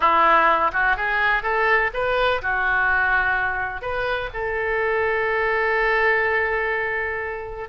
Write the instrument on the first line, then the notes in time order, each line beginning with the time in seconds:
oboe
0.00 E4
0.72 F#4
0.96 G#4
1.42 A4
1.93 B4
2.42 F#4
3.81 B4
4.33 A4